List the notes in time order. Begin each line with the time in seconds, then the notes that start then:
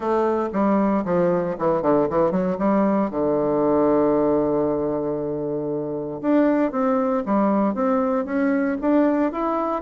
0.00 A3
0.52 G3
1.04 F3
1.58 E3
1.82 D3
2.09 E3
2.31 F#3
2.58 G3
3.10 D3
6.21 D4
6.71 C4
7.25 G3
7.74 C4
8.25 C#4
8.81 D4
9.32 E4